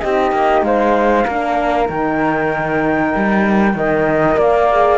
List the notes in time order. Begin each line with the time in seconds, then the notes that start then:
0.00 C4 D#4 G4 D#5
0.32 A#3
0.62 G#3 C5 F5
1.25 A#3 D4 A#4
1.86 D#3 D#4 G5
3.15 G3
3.74 D#3 A#4 D#5
4.37 A#3 D5 F5
4.71 G#4